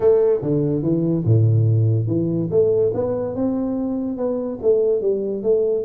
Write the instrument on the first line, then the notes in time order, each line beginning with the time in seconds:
tuba
0.00 A3
0.42 D3
0.82 E3
1.24 A2
2.07 E3
2.50 A3
2.94 B3
3.35 C4
4.17 B3
4.62 A3
5.01 G3
5.42 A3